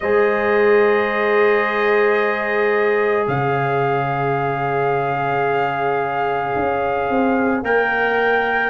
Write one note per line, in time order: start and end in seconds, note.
0.00 3.27 G#3
0.00 7.64 G#4
0.00 3.26 C5
0.00 3.26 D#5
3.26 6.54 C#3
3.26 8.69 C#5
3.26 7.64 F5
6.55 7.08 C#4
7.08 7.62 C4
7.62 8.69 A#3
7.62 8.69 A#4
7.62 8.69 G5